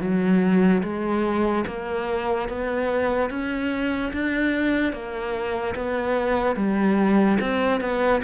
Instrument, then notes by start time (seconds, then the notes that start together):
cello
0.00 F#3
0.83 G#3
1.67 A#3
2.49 B3
3.30 C#4
4.13 D4
4.93 A#3
5.75 B3
6.56 G3
7.40 C4
7.80 B3